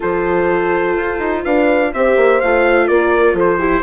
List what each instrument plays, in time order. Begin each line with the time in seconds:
0.00 bassoon F3, viola F4, horn A4, trumpet C5
0.96 bassoon F4
1.19 bassoon D#4
1.44 bassoon D4, horn B4, trumpet F5
1.93 bassoon C4, viola G4, horn C5, trumpet E5
2.16 bassoon A#3
2.40 bassoon A3, viola F4, trumpet F5
2.87 bassoon A#3, horn A#4, trumpet D5
3.33 bassoon F3, horn A4
3.40 trumpet C5
3.58 viola E4, horn G4